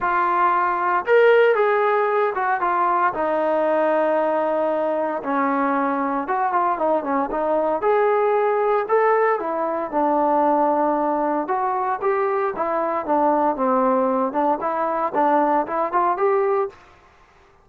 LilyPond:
\new Staff \with { instrumentName = "trombone" } { \time 4/4 \tempo 4 = 115 f'2 ais'4 gis'4~ | gis'8 fis'8 f'4 dis'2~ | dis'2 cis'2 | fis'8 f'8 dis'8 cis'8 dis'4 gis'4~ |
gis'4 a'4 e'4 d'4~ | d'2 fis'4 g'4 | e'4 d'4 c'4. d'8 | e'4 d'4 e'8 f'8 g'4 | }